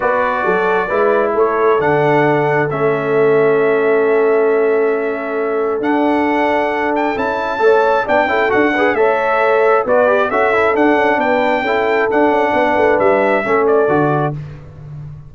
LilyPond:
<<
  \new Staff \with { instrumentName = "trumpet" } { \time 4/4 \tempo 4 = 134 d''2. cis''4 | fis''2 e''2~ | e''1~ | e''4 fis''2~ fis''8 g''8 |
a''2 g''4 fis''4 | e''2 d''4 e''4 | fis''4 g''2 fis''4~ | fis''4 e''4. d''4. | }
  \new Staff \with { instrumentName = "horn" } { \time 4/4 b'4 a'4 b'4 a'4~ | a'1~ | a'1~ | a'1~ |
a'4 cis''4 d''8 a'4 b'8 | cis''2 b'4 a'4~ | a'4 b'4 a'2 | b'2 a'2 | }
  \new Staff \with { instrumentName = "trombone" } { \time 4/4 fis'2 e'2 | d'2 cis'2~ | cis'1~ | cis'4 d'2. |
e'4 a'4 d'8 e'8 fis'8 gis'8 | a'2 fis'8 g'8 fis'8 e'8 | d'2 e'4 d'4~ | d'2 cis'4 fis'4 | }
  \new Staff \with { instrumentName = "tuba" } { \time 4/4 b4 fis4 gis4 a4 | d2 a2~ | a1~ | a4 d'2. |
cis'4 a4 b8 cis'8 d'4 | a2 b4 cis'4 | d'8 cis'8 b4 cis'4 d'8 cis'8 | b8 a8 g4 a4 d4 | }
>>